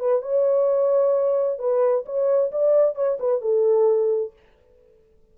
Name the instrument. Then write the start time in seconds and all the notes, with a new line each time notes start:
horn
0.00 B4
0.22 C#5
1.59 B4
2.06 C#5
2.52 D5
2.95 C#5
3.20 B4
3.41 A4